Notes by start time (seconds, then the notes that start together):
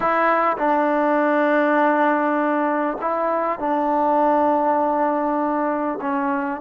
0.00 E4
0.57 D4
3.01 E4
3.59 D4
6.01 C#4